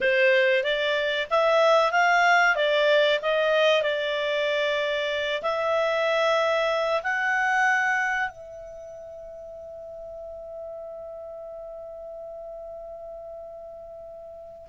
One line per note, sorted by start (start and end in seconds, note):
0.00 0.63 C5
0.63 1.27 D5
1.30 1.91 E5
1.91 2.55 F5
2.55 3.19 D5
3.21 3.82 D#5
3.82 5.41 D5
5.42 7.02 E5
7.03 8.29 F#5
8.29 14.67 E5